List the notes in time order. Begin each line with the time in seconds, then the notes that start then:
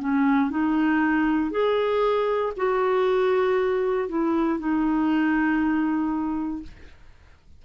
0.00 C#4
0.50 D#4
1.51 G#4
2.57 F#4
4.09 E4
4.59 D#4